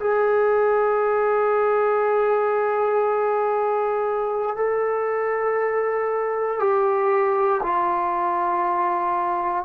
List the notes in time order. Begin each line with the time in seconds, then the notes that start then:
0.00 G#4
4.57 A4
6.60 G4
7.63 F4